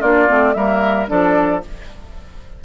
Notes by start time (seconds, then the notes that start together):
0.00 A#3 D4 F4 D5
0.28 A3 C4
0.53 G3 A#3 A#4 E5
1.07 F3 D4 A4 D5